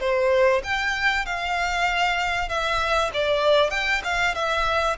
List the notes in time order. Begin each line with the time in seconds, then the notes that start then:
0.00 C5
0.64 G5
1.25 F5
2.49 E5
3.13 D5
3.71 G5
4.04 F5
4.35 E5